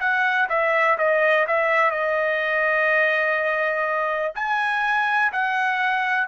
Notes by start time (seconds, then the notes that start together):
0.00 F#5
0.49 E5
0.98 D#5
1.47 E5
1.91 D#5
4.35 G#5
5.32 F#5